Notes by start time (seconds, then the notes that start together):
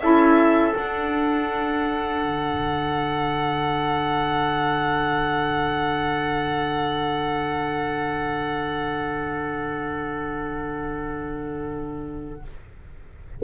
0.00 C#4 E4 A4 E5
0.72 D4 F#5
2.24 D3